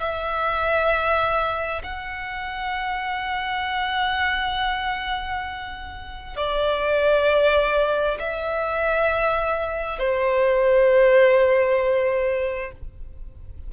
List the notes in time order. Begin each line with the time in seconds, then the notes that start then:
0.00 E5
1.83 F#5
6.36 D5
8.19 E5
9.98 C5